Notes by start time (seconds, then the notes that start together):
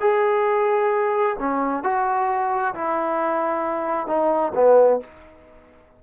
0.00 G#4
1.39 C#4
1.83 F#4
2.74 E4
4.07 D#4
4.54 B3